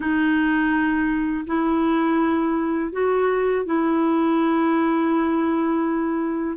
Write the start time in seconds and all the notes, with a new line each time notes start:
0.00 D#4
1.46 E4
2.92 F#4
3.65 E4